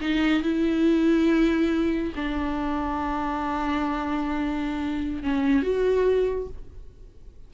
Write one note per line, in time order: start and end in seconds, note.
0.00 0.43 D#4
0.43 2.13 E4
2.15 5.23 D4
5.23 5.62 C#4
5.62 6.48 F#4